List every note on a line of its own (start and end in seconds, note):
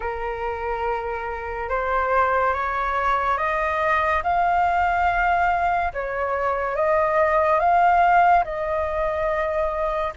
0.00 1.69 A#4
1.69 2.53 C5
2.53 3.37 C#5
3.37 4.22 D#5
4.23 5.92 F5
5.93 6.75 C#5
6.75 7.59 D#5
7.59 8.44 F5
8.44 10.13 D#5